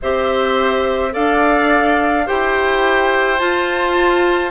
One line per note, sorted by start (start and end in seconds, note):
0.02 1.15 C4
0.02 1.11 G4
0.02 1.13 C5
0.02 1.14 E5
1.11 2.29 D4
1.11 2.24 A4
1.11 2.26 D5
1.11 2.27 F5
2.26 3.40 E4
2.26 3.38 G4
2.26 4.50 C5
2.26 3.38 G5
3.38 4.50 F4
3.38 4.50 A5